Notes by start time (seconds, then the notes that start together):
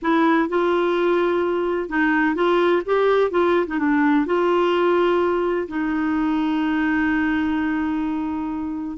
0.02 E4
0.48 F4
1.89 D#4
2.35 F4
2.85 G4
3.30 F4
3.67 D#4
3.79 D4
4.25 F4
5.68 D#4